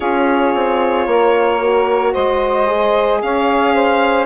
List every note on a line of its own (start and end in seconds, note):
0.00 0.54 C#4
0.00 1.60 F4
0.00 1.07 G#4
0.00 2.13 C#5
0.54 1.06 C4
1.06 2.13 A#3
1.06 2.12 A#4
1.60 2.66 F#4
2.12 3.22 G#3
2.12 3.19 C5
2.12 3.21 D#5
2.66 4.25 G#4
3.22 4.25 C#4
3.22 3.73 C#5
3.22 4.25 F5
3.73 4.25 C5